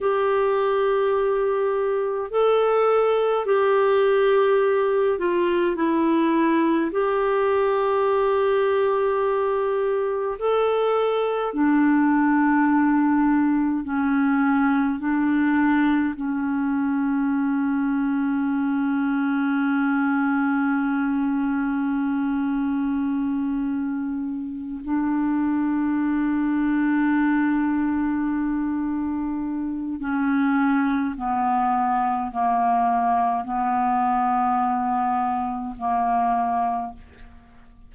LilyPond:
\new Staff \with { instrumentName = "clarinet" } { \time 4/4 \tempo 4 = 52 g'2 a'4 g'4~ | g'8 f'8 e'4 g'2~ | g'4 a'4 d'2 | cis'4 d'4 cis'2~ |
cis'1~ | cis'4. d'2~ d'8~ | d'2 cis'4 b4 | ais4 b2 ais4 | }